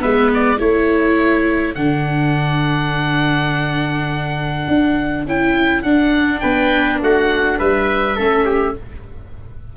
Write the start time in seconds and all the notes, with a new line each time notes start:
0.00 G#3 B3 B4 E5
0.34 D5
0.59 A3 E4 A4 C#5
1.75 D3 D4 F#5
4.68 D4
5.25 C#4 E4 G5
5.83 D4 F#5
6.40 B3 B4 G5
7.02 A3 F#4 F#5
7.59 G3 B4 E5
8.16 A3 C#4 A4
8.46 G4